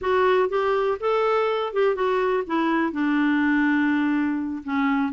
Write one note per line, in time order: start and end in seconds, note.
0.01 0.49 F#4
0.49 0.98 G4
1.00 1.73 A4
1.73 1.95 G4
1.95 2.43 F#4
2.46 2.92 E4
2.92 4.63 D4
4.63 5.12 C#4